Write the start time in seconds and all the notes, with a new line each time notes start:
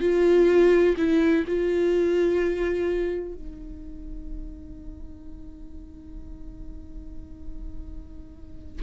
0.00 F4
0.97 E4
1.47 F4
3.35 D#4